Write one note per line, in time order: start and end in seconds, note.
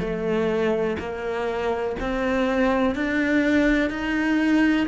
0.00 0.97 A3
0.99 1.96 A#3
2.00 2.95 C4
2.95 3.90 D4
3.90 4.87 D#4